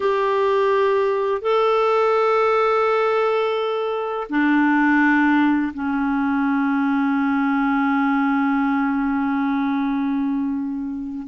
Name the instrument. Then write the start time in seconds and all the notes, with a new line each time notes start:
clarinet
0.00 G4
1.41 A4
4.29 D4
5.73 C#4